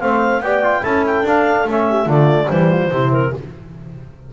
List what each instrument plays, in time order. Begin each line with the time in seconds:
0.00 double bass A3, trombone C4, horn C5, clarinet F5
0.40 double bass B3, trombone G4, horn D5, clarinet G5
0.63 trombone F4
0.81 double bass C#4, trombone E4, horn A4, clarinet A5
1.06 clarinet G5
1.22 double bass D4, trombone D4, clarinet F5
1.65 double bass A3, trombone C#4
1.71 clarinet E5
1.89 horn G4
2.05 double bass D3, trombone A3, horn F4, clarinet D5
2.49 double bass E3, trombone G3, horn G4, clarinet C5
2.70 horn F4
2.91 double bass C3, trombone C4, horn E4
3.12 clarinet A#4